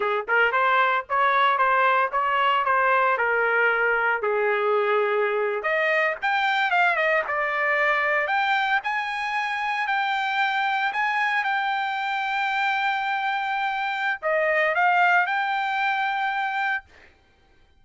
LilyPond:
\new Staff \with { instrumentName = "trumpet" } { \time 4/4 \tempo 4 = 114 gis'8 ais'8 c''4 cis''4 c''4 | cis''4 c''4 ais'2 | gis'2~ gis'8. dis''4 g''16~ | g''8. f''8 dis''8 d''2 g''16~ |
g''8. gis''2 g''4~ g''16~ | g''8. gis''4 g''2~ g''16~ | g''2. dis''4 | f''4 g''2. | }